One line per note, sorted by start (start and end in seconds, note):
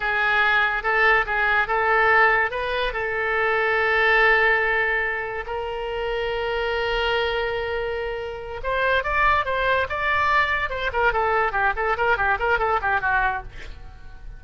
0.00 0.83 G#4
0.83 1.25 A4
1.26 1.67 G#4
1.67 2.51 A4
2.51 2.93 B4
2.93 5.44 A4
5.46 8.61 A#4
8.63 9.03 C5
9.03 9.45 D5
9.45 9.87 C5
9.89 10.69 D5
10.69 10.90 C5
10.92 11.12 A#4
11.12 11.52 A4
11.52 11.73 G4
11.76 11.97 A4
11.97 12.17 A#4
12.17 12.38 G4
12.39 12.59 A#4
12.59 12.80 A4
12.81 13.01 G4
13.01 13.42 F#4